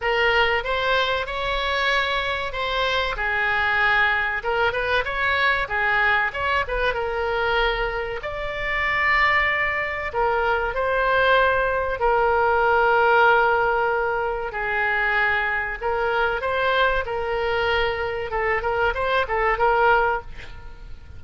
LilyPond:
\new Staff \with { instrumentName = "oboe" } { \time 4/4 \tempo 4 = 95 ais'4 c''4 cis''2 | c''4 gis'2 ais'8 b'8 | cis''4 gis'4 cis''8 b'8 ais'4~ | ais'4 d''2. |
ais'4 c''2 ais'4~ | ais'2. gis'4~ | gis'4 ais'4 c''4 ais'4~ | ais'4 a'8 ais'8 c''8 a'8 ais'4 | }